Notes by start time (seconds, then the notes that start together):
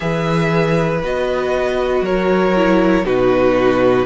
0.00 E3 G#4 B4 E5
1.03 B3 F#4 D#5
2.01 F#3 A#4 C#5
2.56 E4
3.03 B2 D#4 F#4 B4